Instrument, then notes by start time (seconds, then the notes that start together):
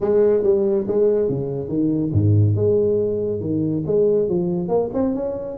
tuba
0.01 G#3
0.43 G3
0.87 G#3
1.29 C#3
1.68 D#3
2.12 G#2
2.55 G#3
3.40 D#3
3.86 G#3
4.28 F3
4.68 A#3
4.93 C4
5.14 C#4